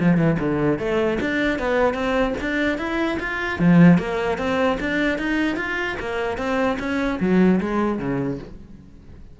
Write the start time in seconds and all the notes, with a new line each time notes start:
0.00 F3
0.17 E3
0.40 D3
0.79 A3
1.21 D4
1.59 B3
1.94 C4
2.41 D4
2.78 E4
3.20 F4
3.60 F3
3.98 A#3
4.38 C4
4.80 D4
5.19 D#4
5.57 F4
6.00 A#3
6.38 C4
6.79 C#4
7.20 F#3
7.61 G#3
7.99 C#3